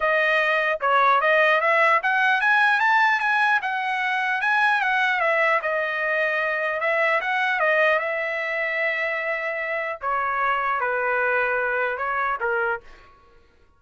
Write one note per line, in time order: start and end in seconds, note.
0.00 0.79 D#5
0.81 1.20 C#5
1.20 1.60 D#5
1.60 2.00 E5
2.02 2.40 F#5
2.40 2.79 G#5
2.79 3.19 A5
3.19 3.59 G#5
3.61 4.41 F#5
4.41 4.81 G#5
4.81 5.19 F#5
5.19 5.59 E5
5.62 6.80 D#5
6.80 7.20 E5
7.21 7.59 F#5
7.59 7.99 D#5
7.99 9.99 E5
10.01 10.80 C#5
10.80 11.97 B4
11.97 12.37 C#5
12.40 12.80 A#4